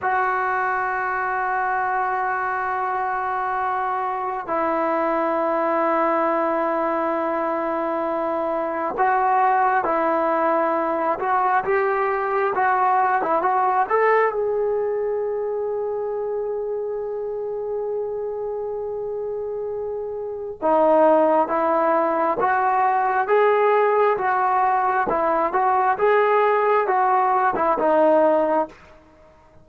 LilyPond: \new Staff \with { instrumentName = "trombone" } { \time 4/4 \tempo 4 = 67 fis'1~ | fis'4 e'2.~ | e'2 fis'4 e'4~ | e'8 fis'8 g'4 fis'8. e'16 fis'8 a'8 |
gis'1~ | gis'2. dis'4 | e'4 fis'4 gis'4 fis'4 | e'8 fis'8 gis'4 fis'8. e'16 dis'4 | }